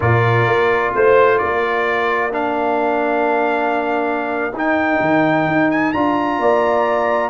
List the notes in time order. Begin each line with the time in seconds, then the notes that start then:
0.00 A#2 F4 A#4 D5
0.46 A#3
0.94 A3 C5
1.38 A#3 A#4 D5
2.31 D4 F5
4.52 D#4 G5
5.00 D#3
5.47 D#4
5.70 G#5
5.92 D4 F4 A#5
6.39 A#3 D5